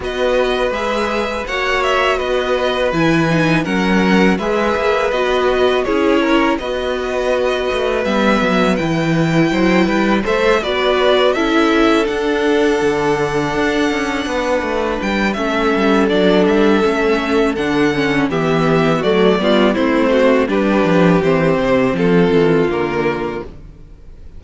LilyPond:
<<
  \new Staff \with { instrumentName = "violin" } { \time 4/4 \tempo 4 = 82 dis''4 e''4 fis''8 e''8 dis''4 | gis''4 fis''4 e''4 dis''4 | cis''4 dis''2 e''4 | g''2 e''8 d''4 e''8~ |
e''8 fis''2.~ fis''8~ | fis''8 g''8 e''4 d''8 e''4. | fis''4 e''4 d''4 c''4 | b'4 c''4 a'4 ais'4 | }
  \new Staff \with { instrumentName = "violin" } { \time 4/4 b'2 cis''4 b'4~ | b'4 ais'4 b'2 | gis'8 ais'8 b'2.~ | b'4 c''8 b'8 c''8 b'4 a'8~ |
a'2.~ a'8 b'8~ | b'4 a'2.~ | a'4 g'4 fis'8 f'8 e'8 fis'8 | g'2 f'2 | }
  \new Staff \with { instrumentName = "viola" } { \time 4/4 fis'4 gis'4 fis'2 | e'8 dis'8 cis'4 gis'4 fis'4 | e'4 fis'2 b4 | e'2 a'8 fis'4 e'8~ |
e'8 d'2.~ d'8~ | d'4 cis'4 d'4 cis'4 | d'8 cis'8 b4 a8 b8 c'4 | d'4 c'2 ais4 | }
  \new Staff \with { instrumentName = "cello" } { \time 4/4 b4 gis4 ais4 b4 | e4 fis4 gis8 ais8 b4 | cis'4 b4. a8 g8 fis8 | e4 fis8 g8 a8 b4 cis'8~ |
cis'8 d'4 d4 d'8 cis'8 b8 | a8 g8 a8 g8 fis8 g8 a4 | d4 e4 fis8 g8 a4 | g8 f8 e8 c8 f8 e8 d4 | }
>>